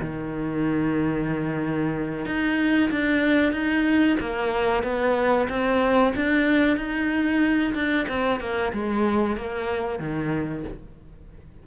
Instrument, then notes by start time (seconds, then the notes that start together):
cello
0.00 D#3
2.26 D#4
2.91 D4
3.52 D#4
4.20 A#3
4.83 B3
5.49 C4
6.16 D4
6.77 D#4
7.74 D4
8.09 C4
8.40 A#3
8.73 G#3
9.37 A#3
9.99 D#3